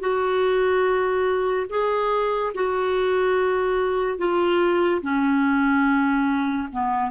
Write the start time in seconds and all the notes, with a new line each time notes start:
0.00 F#4
1.70 G#4
2.55 F#4
4.18 F4
5.02 C#4
6.72 B3